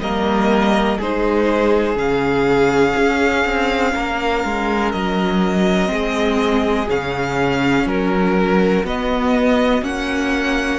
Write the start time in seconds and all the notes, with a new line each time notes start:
0.00 G3 A#3 A#4 D#5
0.98 G#3 D#4 G#4 C5
1.95 C#3 C#4 F5
2.96 C#4
3.45 C4
3.94 A#3 A#4
4.44 G#3
4.92 F#3 D#5
5.86 G#3 C4
5.93 G#4
6.89 C#3 C#4 F5
7.85 F#3 F#4 A#4
8.84 B3 D#5
9.82 A#3 C#4 F#5